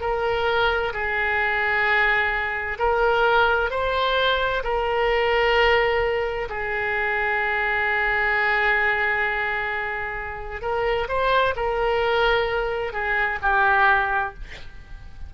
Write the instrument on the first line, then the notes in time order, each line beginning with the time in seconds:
oboe
0.00 A#4
0.93 G#4
2.79 A#4
3.70 C5
4.63 A#4
6.49 G#4
10.61 A#4
11.08 C5
11.56 A#4
12.92 G#4
13.42 G4